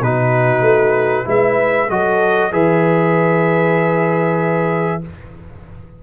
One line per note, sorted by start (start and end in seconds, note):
0.00 0.61 B2
0.00 1.24 D#4
0.00 1.27 F#4
0.00 1.27 B4
0.61 1.24 A3
1.24 1.89 G#3
1.24 1.87 E4
1.24 1.89 B4
1.24 1.90 E5
1.89 2.52 F#3
1.89 2.51 F#4
1.89 2.51 A4
1.89 2.52 D#5
2.51 5.02 E3
2.51 5.01 G#4
2.51 5.01 B4
2.51 5.02 E5